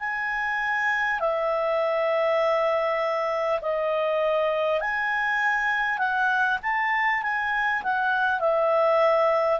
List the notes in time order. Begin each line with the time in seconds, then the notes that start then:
0.00 G#5
1.20 E5
3.62 D#5
4.81 G#5
5.98 F#5
6.63 A5
7.23 G#5
7.83 F#5
8.40 E5